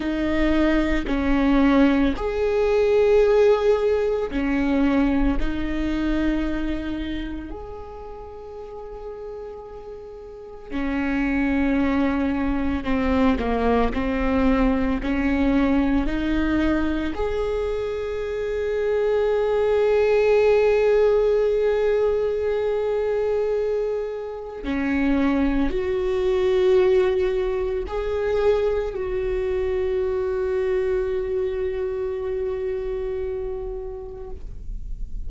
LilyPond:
\new Staff \with { instrumentName = "viola" } { \time 4/4 \tempo 4 = 56 dis'4 cis'4 gis'2 | cis'4 dis'2 gis'4~ | gis'2 cis'2 | c'8 ais8 c'4 cis'4 dis'4 |
gis'1~ | gis'2. cis'4 | fis'2 gis'4 fis'4~ | fis'1 | }